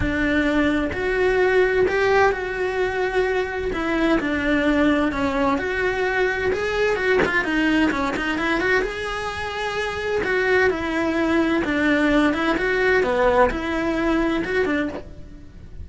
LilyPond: \new Staff \with { instrumentName = "cello" } { \time 4/4 \tempo 4 = 129 d'2 fis'2 | g'4 fis'2. | e'4 d'2 cis'4 | fis'2 gis'4 fis'8 f'8 |
dis'4 cis'8 dis'8 e'8 fis'8 gis'4~ | gis'2 fis'4 e'4~ | e'4 d'4. e'8 fis'4 | b4 e'2 fis'8 d'8 | }